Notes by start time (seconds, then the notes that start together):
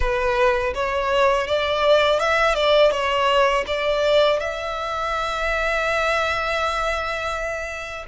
0.00 B4
0.74 C#5
1.47 D5
2.19 E5
2.54 D5
2.91 C#5
3.67 D5
4.39 E5